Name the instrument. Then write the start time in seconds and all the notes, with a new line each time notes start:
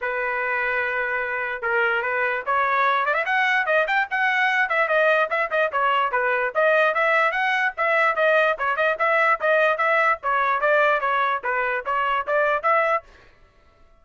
trumpet
0.01 B4
1.62 A#4
2.02 B4
2.45 C#5
3.05 D5
3.14 E5
3.25 F#5
3.66 D#5
3.87 G5
4.10 F#5
4.69 E5
4.88 D#5
5.30 E5
5.51 D#5
5.71 C#5
6.11 B4
6.54 D#5
6.94 E5
7.31 F#5
7.77 E5
8.15 D#5
8.58 C#5
8.76 D#5
8.98 E5
9.40 D#5
9.77 E5
10.22 C#5
10.60 D5
11.00 C#5
11.43 B4
11.85 C#5
12.26 D5
12.62 E5